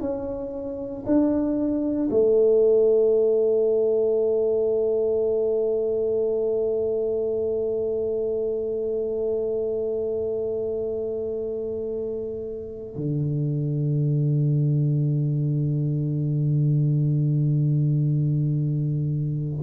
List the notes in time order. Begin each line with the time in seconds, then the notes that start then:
0.00 C#4
1.06 D4
2.10 A3
12.95 D3